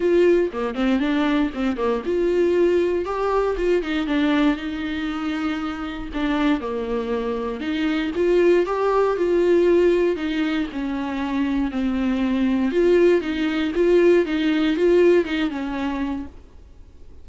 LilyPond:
\new Staff \with { instrumentName = "viola" } { \time 4/4 \tempo 4 = 118 f'4 ais8 c'8 d'4 c'8 ais8 | f'2 g'4 f'8 dis'8 | d'4 dis'2. | d'4 ais2 dis'4 |
f'4 g'4 f'2 | dis'4 cis'2 c'4~ | c'4 f'4 dis'4 f'4 | dis'4 f'4 dis'8 cis'4. | }